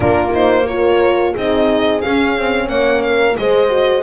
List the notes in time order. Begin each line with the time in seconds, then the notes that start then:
0.00 A#3 D4 F4 A#4
0.33 D#4 C5
0.66 F4 A#4 C#5
1.32 C4 D#4 G#4 D#5
2.01 C#4 F5
2.37 C4
2.67 A#3 C#5 F#5
3.02 A#4 F5
3.37 G#3 G#4 C5 D#5
3.69 F#4